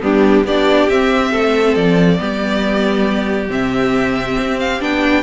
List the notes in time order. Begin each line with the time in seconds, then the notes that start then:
0.00 G3 B3 D4 G4
0.43 B3 D4 G4 D5
0.89 C4 E5
1.31 A3 A4
1.74 F3 D5
2.18 G3 B3 G4
3.49 C3 C4 E5
4.38 C4
4.59 F5
4.80 B3 D4 G5